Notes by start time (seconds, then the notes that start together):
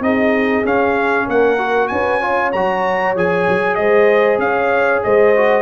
0.00 C4 D#4 G#4 D#5
0.64 C#4 F5
1.26 A#3 A#4 F#5
1.58 F#4
1.88 C#4 B4 G#5
2.21 F4 C#5
2.52 F#3 F#4 A#5
3.16 F3 G#4 G#5
3.48 F#3
3.75 G#3 C5 D#5
4.38 C#4 C#5 F5
5.03 G#3 C5 D#5
5.37 F#4